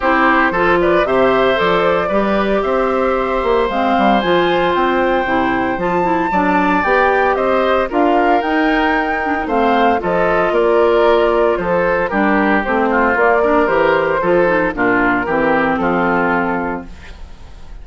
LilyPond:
<<
  \new Staff \with { instrumentName = "flute" } { \time 4/4 \tempo 4 = 114 c''4. d''8 e''4 d''4~ | d''4 e''2 f''4 | gis''4 g''2 a''4~ | a''4 g''4 dis''4 f''4 |
g''2 f''4 dis''4 | d''2 c''4 ais'4 | c''4 d''4 c''2 | ais'2 a'2 | }
  \new Staff \with { instrumentName = "oboe" } { \time 4/4 g'4 a'8 b'8 c''2 | b'4 c''2.~ | c''1 | d''2 c''4 ais'4~ |
ais'2 c''4 a'4 | ais'2 a'4 g'4~ | g'8 f'4 ais'4. a'4 | f'4 g'4 f'2 | }
  \new Staff \with { instrumentName = "clarinet" } { \time 4/4 e'4 f'4 g'4 a'4 | g'2. c'4 | f'2 e'4 f'8 e'8 | d'4 g'2 f'4 |
dis'4. d'16 dis'16 c'4 f'4~ | f'2. d'4 | c'4 ais8 d'8 g'4 f'8 dis'8 | d'4 c'2. | }
  \new Staff \with { instrumentName = "bassoon" } { \time 4/4 c'4 f4 c4 f4 | g4 c'4. ais8 gis8 g8 | f4 c'4 c4 f4 | fis4 b4 c'4 d'4 |
dis'2 a4 f4 | ais2 f4 g4 | a4 ais4 e4 f4 | ais,4 e4 f2 | }
>>